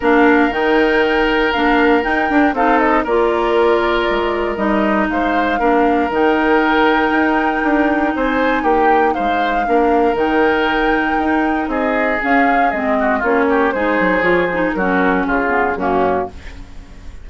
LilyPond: <<
  \new Staff \with { instrumentName = "flute" } { \time 4/4 \tempo 4 = 118 f''4 g''2 f''4 | g''4 f''8 dis''8 d''2~ | d''4 dis''4 f''2 | g''1 |
gis''4 g''4 f''2 | g''2. dis''4 | f''4 dis''4 cis''4 c''4 | cis''8 c''8 ais'4 gis'4 fis'4 | }
  \new Staff \with { instrumentName = "oboe" } { \time 4/4 ais'1~ | ais'4 a'4 ais'2~ | ais'2 c''4 ais'4~ | ais'1 |
c''4 g'4 c''4 ais'4~ | ais'2. gis'4~ | gis'4. fis'8 f'8 g'8 gis'4~ | gis'4 fis'4 f'4 cis'4 | }
  \new Staff \with { instrumentName = "clarinet" } { \time 4/4 d'4 dis'2 d'4 | dis'8 d'8 dis'4 f'2~ | f'4 dis'2 d'4 | dis'1~ |
dis'2. d'4 | dis'1 | cis'4 c'4 cis'4 dis'4 | f'8 dis'8 cis'4. b8 ais4 | }
  \new Staff \with { instrumentName = "bassoon" } { \time 4/4 ais4 dis2 ais4 | dis'8 d'8 c'4 ais2 | gis4 g4 gis4 ais4 | dis2 dis'4 d'4 |
c'4 ais4 gis4 ais4 | dis2 dis'4 c'4 | cis'4 gis4 ais4 gis8 fis8 | f4 fis4 cis4 fis,4 | }
>>